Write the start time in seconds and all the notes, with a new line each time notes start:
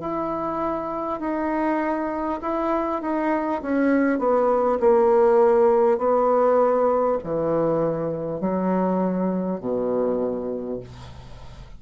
0.00 E4
1.20 D#4
2.42 E4
3.02 D#4
3.62 C#4
4.19 B3
4.80 A#3
5.98 B3
7.24 E3
8.41 F#3
9.60 B2